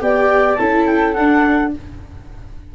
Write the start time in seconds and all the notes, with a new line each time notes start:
0.00 B3 G4 D5 G5
0.55 C#4 E4 A4 A5
0.86 G5
1.14 D4 F#5